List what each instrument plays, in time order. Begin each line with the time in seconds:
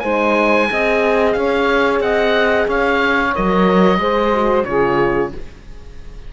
0.00 cello G#3, horn D#4, saxophone C5, oboe G#5
0.68 cello C4, horn G#4, saxophone D#5
1.33 cello C#4, saxophone C#5, oboe F5
2.00 cello C4, saxophone D#5, oboe F#5
2.67 cello C#4, saxophone C#5, oboe F5
3.35 cello F#3, horn A#4, oboe D#5
3.99 cello G#3, horn G#4, saxophone C5
4.34 horn F#4
4.64 cello C#3, horn F4, saxophone G#4, oboe C#5